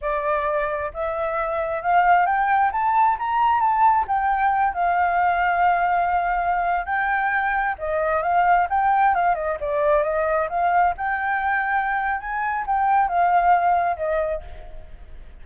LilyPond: \new Staff \with { instrumentName = "flute" } { \time 4/4 \tempo 4 = 133 d''2 e''2 | f''4 g''4 a''4 ais''4 | a''4 g''4. f''4.~ | f''2.~ f''16 g''8.~ |
g''4~ g''16 dis''4 f''4 g''8.~ | g''16 f''8 dis''8 d''4 dis''4 f''8.~ | f''16 g''2~ g''8. gis''4 | g''4 f''2 dis''4 | }